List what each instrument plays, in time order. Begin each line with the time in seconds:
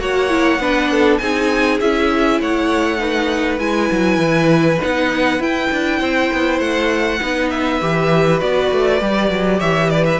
0.00 cello A#3, viola F#4, violin C#5 F#5
0.30 viola E4
0.59 cello B3, viola D4, violin B4
0.91 violin A4
1.18 cello C4, viola D#4, violin G#4 G#5
1.81 cello C#4, viola E4, violin E5
2.41 cello A3, violin C#5 F#5
2.98 viola D#4, violin B4
3.59 cello G#3, viola E4, violin G#5
3.92 cello F#3
4.18 cello E3
4.81 cello B3, viola D#4, violin F#5
5.39 viola E4, cello E4, violin G5
5.72 cello D4
6.00 cello C4, violin C5
6.33 cello B3
6.60 cello A3, violin F#5
7.20 cello B3, viola D#4, violin B4
7.50 violin E5
7.82 cello E3, viola G4
8.40 cello B3, viola F#4, violin D5
8.72 cello A3
9.01 cello G3, viola G4
9.31 cello F#3
9.59 cello E3, violin C#5 E5
9.90 violin B4 D5
10.06 violin E5